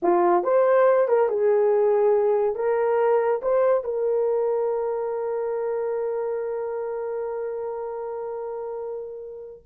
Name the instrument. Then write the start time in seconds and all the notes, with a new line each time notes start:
horn
0.02 F4
0.43 C5
1.08 A#4
1.29 G#4
2.55 A#4
3.41 C5
3.84 A#4